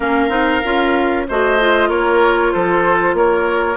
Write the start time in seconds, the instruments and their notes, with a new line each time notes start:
0.00 bassoon A#3, clarinet C#4, oboe A#4, flute F5
0.29 bassoon C4, clarinet D#4
0.63 bassoon C#4, clarinet F4
1.28 bassoon A3, clarinet F#4, oboe C5, flute D#5
1.60 clarinet F4
1.89 bassoon A#3, oboe A#4, flute C#5
2.52 bassoon F3, oboe A4, flute C5
3.13 bassoon A#3, oboe A#4, flute C#5